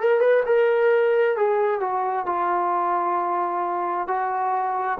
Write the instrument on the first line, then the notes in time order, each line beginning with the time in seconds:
trombone
0.00 A#4
0.20 B4
0.46 A#4
1.37 G#4
1.81 F#4
2.26 F4
4.07 F#4